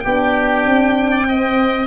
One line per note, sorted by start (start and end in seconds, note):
0.00 0.67 B3
0.00 1.28 D4
0.00 1.11 G4
0.00 1.86 G5
0.67 1.87 C4
1.11 1.27 D5
1.28 1.87 C4
1.28 1.87 D#5